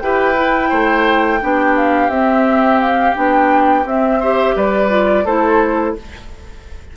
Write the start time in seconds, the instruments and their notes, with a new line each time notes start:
0.00 bassoon E4, clarinet G4, oboe B4, flute G5
0.35 clarinet E4
0.69 bassoon A3, oboe C5
1.41 bassoon B3, clarinet D4, oboe G4
1.76 flute F5
2.09 bassoon C4, clarinet C4, flute E5
2.80 flute F5
3.15 bassoon B3, clarinet D4, flute G5
3.85 bassoon C4, clarinet C4, flute E5
4.20 clarinet G4, oboe C5
4.56 bassoon G3, oboe B4, flute D5
4.89 clarinet F4
5.25 bassoon A3, clarinet E4, oboe A4, flute C5